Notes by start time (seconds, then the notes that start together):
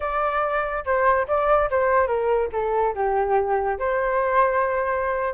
0.00 D5
0.85 C5
1.27 D5
1.70 C5
2.07 A#4
2.52 A4
2.95 G4
3.78 C5